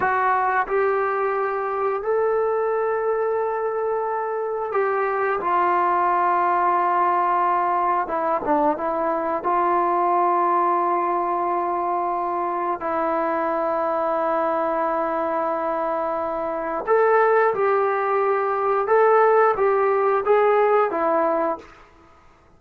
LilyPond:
\new Staff \with { instrumentName = "trombone" } { \time 4/4 \tempo 4 = 89 fis'4 g'2 a'4~ | a'2. g'4 | f'1 | e'8 d'8 e'4 f'2~ |
f'2. e'4~ | e'1~ | e'4 a'4 g'2 | a'4 g'4 gis'4 e'4 | }